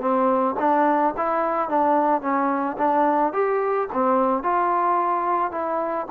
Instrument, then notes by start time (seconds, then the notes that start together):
trombone
0.00 C4
0.59 D4
1.17 E4
1.69 D4
2.21 C#4
2.77 D4
3.33 G4
3.93 C4
4.43 F4
5.51 E4